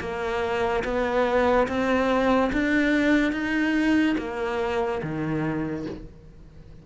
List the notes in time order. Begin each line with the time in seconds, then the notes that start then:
0.00 A#3
0.84 B3
1.68 C4
2.53 D4
3.32 D#4
4.18 A#3
5.03 D#3